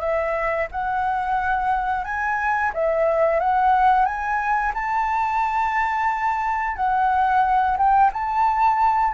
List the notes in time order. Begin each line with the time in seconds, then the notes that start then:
0.00 E5
0.71 F#5
2.04 G#5
2.74 E5
3.40 F#5
4.05 G#5
4.74 A5
6.76 F#5
7.77 G5
8.13 A5